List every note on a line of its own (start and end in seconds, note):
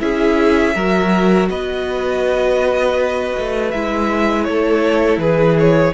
0.00 0.75 C#4
0.00 0.74 E4
0.00 0.75 G#4
0.00 1.49 E5
0.75 1.49 F#3
0.75 3.72 F#4
0.75 1.50 A#4
1.49 3.34 B3
1.49 4.47 B4
1.49 3.71 D#5
3.39 3.74 A3
3.71 4.48 G#3
3.71 5.94 E4
3.71 4.44 E5
4.44 5.17 A3
4.44 5.21 A4
4.44 5.18 C#5
5.17 5.91 E3
5.17 5.94 G#4
5.17 5.57 B4
5.60 5.94 C#5